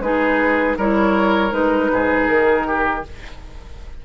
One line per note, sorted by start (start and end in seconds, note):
0.00 0.76 G#3
0.00 0.78 D#4
0.00 0.77 G#4
0.00 0.77 B4
0.77 1.52 G3
0.77 1.50 E4
0.77 1.91 A#4
0.77 1.53 C#5
1.50 1.90 G#3
1.50 3.02 D#4
1.50 2.27 B4
1.91 2.29 G#2
1.91 2.67 G#4
2.27 3.05 D#3
2.27 3.03 A#4
2.67 3.05 G4